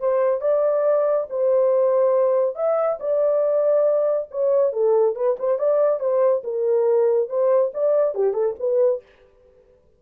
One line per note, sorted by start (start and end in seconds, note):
0.00 0.41 C5
0.41 1.27 D5
1.30 2.55 C5
2.55 2.98 E5
3.00 4.29 D5
4.31 4.73 C#5
4.73 5.15 A4
5.15 5.37 B4
5.39 5.59 C5
5.59 6.00 D5
6.00 6.43 C5
6.44 7.29 A#4
7.29 7.72 C5
7.74 8.15 D5
8.15 8.34 G4
8.34 8.55 A4
8.59 9.02 B4